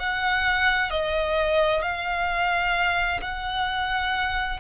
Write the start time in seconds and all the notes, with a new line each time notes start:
0.00 F#5
0.91 D#5
1.82 F5
3.22 F#5